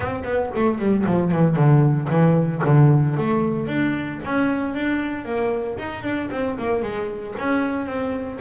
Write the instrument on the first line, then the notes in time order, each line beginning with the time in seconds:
double bass
0.00 C4
0.24 B3
0.55 A3
0.78 G3
1.06 F3
1.31 E3
1.56 D3
2.09 E3
2.65 D3
3.17 A3
3.67 D4
4.24 C#4
4.74 D4
5.25 A#3
5.78 D#4
6.02 D4
6.31 C4
6.58 A#3
6.82 G#3
7.39 C#4
7.86 C4